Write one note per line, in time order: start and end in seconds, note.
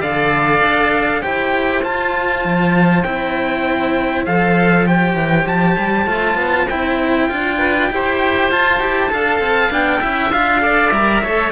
0.00 0.61 D3
0.00 1.21 A4
0.00 1.21 D5
0.00 1.22 F5
0.61 1.21 D4
1.21 1.84 E4
1.21 1.82 G4
1.21 7.57 C5
1.21 1.82 G5
1.82 3.04 F4
1.82 2.44 F4
1.82 3.03 A5
2.44 3.04 F3
3.03 4.26 C4
3.03 4.26 E4
3.03 4.24 G5
4.26 5.14 F3
4.26 4.86 A4
4.26 4.86 F5
4.86 6.06 G4
4.86 5.47 G5
5.14 5.44 E3
5.46 5.76 F3
5.46 6.68 A5
5.78 6.06 G3
6.06 6.34 A3
6.06 6.67 F4
6.34 6.65 B3
6.68 7.30 C4
6.68 7.29 E4
6.68 8.50 G5
7.29 7.91 D4
7.29 7.89 F4
7.58 7.88 B4
7.90 8.51 E4
7.90 8.51 G4
7.90 9.12 C5
8.51 8.79 F4
8.51 9.72 A5
8.79 9.09 E4
8.79 9.09 G4
9.09 9.39 D4
9.09 9.70 A4
9.09 10.00 F5
9.39 9.70 C4
9.70 10.01 B3
9.70 10.00 D4
9.70 10.32 G5
10.00 10.33 C#4
10.00 10.31 E4
10.00 10.61 E5
10.32 10.91 D4
10.32 10.60 F4
10.32 10.90 F5
10.60 10.91 A4
10.60 11.22 D5
10.90 11.21 G3
10.90 11.23 A#4
10.90 11.51 E5
11.22 11.52 A3
11.22 11.52 A4
11.22 11.52 C#5